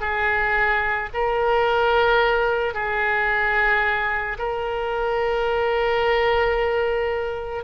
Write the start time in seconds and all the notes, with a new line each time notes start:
0.00 G#4
1.13 A#4
2.74 G#4
4.38 A#4